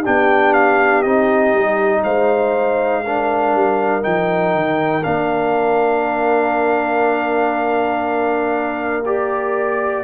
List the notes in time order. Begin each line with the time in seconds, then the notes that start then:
0.00 D4 G4 G5
0.06 B3
0.53 F5
1.02 C4 D#4 D#5
1.53 G3
2.03 G#3 C5 F5
3.04 D4 A#4
3.53 G3
4.01 F3 D#4 G5
4.54 D#3
5.03 A#3 D4 F5
9.05 G4 D5